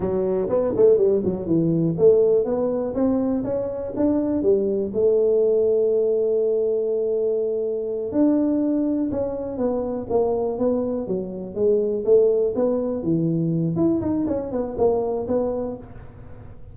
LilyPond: \new Staff \with { instrumentName = "tuba" } { \time 4/4 \tempo 4 = 122 fis4 b8 a8 g8 fis8 e4 | a4 b4 c'4 cis'4 | d'4 g4 a2~ | a1~ |
a8 d'2 cis'4 b8~ | b8 ais4 b4 fis4 gis8~ | gis8 a4 b4 e4. | e'8 dis'8 cis'8 b8 ais4 b4 | }